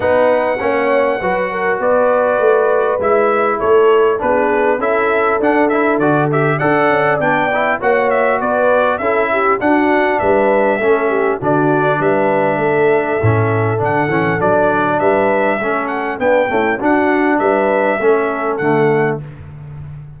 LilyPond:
<<
  \new Staff \with { instrumentName = "trumpet" } { \time 4/4 \tempo 4 = 100 fis''2. d''4~ | d''4 e''4 cis''4 b'4 | e''4 fis''8 e''8 d''8 e''8 fis''4 | g''4 fis''8 e''8 d''4 e''4 |
fis''4 e''2 d''4 | e''2. fis''4 | d''4 e''4. fis''8 g''4 | fis''4 e''2 fis''4 | }
  \new Staff \with { instrumentName = "horn" } { \time 4/4 b'4 cis''4 b'8 ais'8 b'4~ | b'2 a'4 gis'4 | a'2. d''4~ | d''4 cis''4 b'4 a'8 g'8 |
fis'4 b'4 a'8 g'8 fis'4 | b'4 a'2.~ | a'4 b'4 a'4 d'8 e'8 | fis'4 b'4 a'2 | }
  \new Staff \with { instrumentName = "trombone" } { \time 4/4 dis'4 cis'4 fis'2~ | fis'4 e'2 d'4 | e'4 d'8 e'8 fis'8 g'8 a'4 | d'8 e'8 fis'2 e'4 |
d'2 cis'4 d'4~ | d'2 cis'4 d'8 cis'8 | d'2 cis'4 b8 a8 | d'2 cis'4 a4 | }
  \new Staff \with { instrumentName = "tuba" } { \time 4/4 b4 ais4 fis4 b4 | a4 gis4 a4 b4 | cis'4 d'4 d4 d'8 cis'8 | b4 ais4 b4 cis'4 |
d'4 g4 a4 d4 | g4 a4 a,4 d8 e8 | fis4 g4 a4 b8 cis'8 | d'4 g4 a4 d4 | }
>>